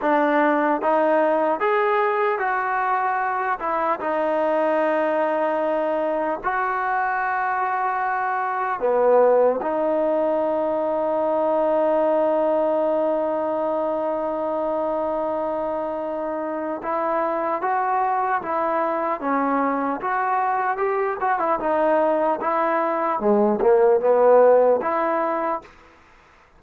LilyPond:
\new Staff \with { instrumentName = "trombone" } { \time 4/4 \tempo 4 = 75 d'4 dis'4 gis'4 fis'4~ | fis'8 e'8 dis'2. | fis'2. b4 | dis'1~ |
dis'1~ | dis'4 e'4 fis'4 e'4 | cis'4 fis'4 g'8 fis'16 e'16 dis'4 | e'4 gis8 ais8 b4 e'4 | }